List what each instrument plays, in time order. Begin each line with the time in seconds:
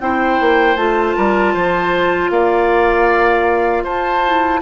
0.00 bassoon C4, clarinet E4, oboe C5, flute G5
0.41 bassoon A#3
0.76 bassoon A3, clarinet F4, flute A5
1.17 bassoon G3, oboe A#4
1.54 bassoon F3, oboe C5
2.30 bassoon A#3, oboe D5, flute F5
3.84 bassoon F4, oboe C5, flute A5
4.26 clarinet E4